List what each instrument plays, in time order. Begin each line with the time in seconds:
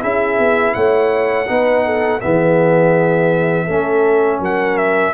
0.00 tuba C#4, trombone E4, horn G#4, trumpet E5
0.39 tuba B3
0.74 tuba A3, horn C#5, trumpet F#5
1.48 tuba B3, trombone D#4, horn B4
1.86 horn A4
2.21 tuba E3, trombone B3, horn G#4, trumpet E5
3.66 tuba A3, trombone C#4, horn A4
4.40 tuba F#3, horn A#4, trumpet F#5
4.77 trumpet E5